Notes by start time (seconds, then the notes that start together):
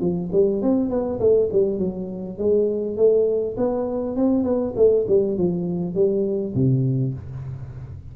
0.00 F3
0.32 G3
0.62 C4
0.90 B3
1.20 A3
1.52 G3
1.78 F#3
2.38 G#3
2.96 A3
3.57 B3
4.16 C4
4.44 B3
4.76 A3
5.08 G3
5.37 F3
5.94 G3
6.54 C3